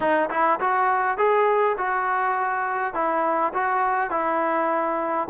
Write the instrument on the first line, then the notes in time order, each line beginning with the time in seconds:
trombone
0.00 D#4
0.30 E4
0.60 F#4
1.17 G#4
1.77 F#4
2.94 E4
3.53 F#4
4.10 E4